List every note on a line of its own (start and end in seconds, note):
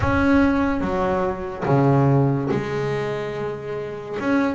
0.00 0.80 C#4
0.80 1.64 F#3
1.65 2.48 C#3
2.50 4.17 G#3
4.19 4.55 C#4